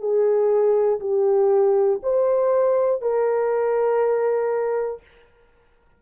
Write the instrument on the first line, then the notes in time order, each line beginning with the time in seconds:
horn
0.00 G#4
1.00 G4
2.03 C5
3.02 A#4